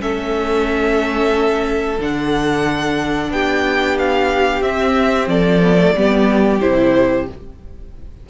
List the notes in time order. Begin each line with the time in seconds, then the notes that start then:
0.00 A3 C#4 A4 E5
1.99 D3 D4 F#5
3.30 B3 G4 G5
3.98 F5
4.62 C4 E5
5.27 F3 A4 D5
5.62 B3
5.77 A3
5.96 G3 B3 G4
6.61 C3 E4 C5